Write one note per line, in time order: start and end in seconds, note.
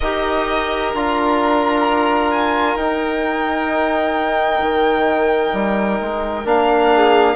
0.00 0.93 D#4
0.00 0.95 G4
0.00 6.93 A#4
0.00 0.91 D#5
0.93 2.75 D4
0.93 2.80 F4
0.93 2.31 A#5
2.31 2.77 G#5
2.75 4.60 D#4
2.75 6.45 D#4
2.75 6.46 G5
4.60 5.53 D#3
5.53 5.99 G3
6.00 6.44 G#3
6.44 7.35 A#3
6.44 7.35 D4
6.44 7.35 F5
6.95 7.35 G#4